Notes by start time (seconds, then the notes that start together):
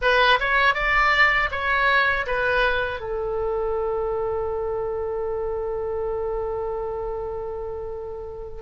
0.01 B4
0.39 C#5
0.74 D5
1.51 C#5
2.26 B4
3.00 A4